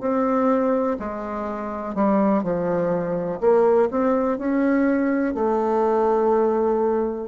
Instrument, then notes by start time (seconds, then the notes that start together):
bassoon
0.00 C4
0.99 G#3
1.95 G3
2.43 F3
3.40 A#3
3.91 C4
4.38 C#4
5.34 A3